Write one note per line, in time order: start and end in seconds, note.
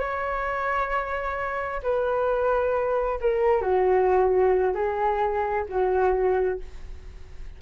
0.00 1.82 C#5
1.83 3.20 B4
3.21 3.62 A#4
3.62 4.75 F#4
4.75 5.66 G#4
5.69 6.60 F#4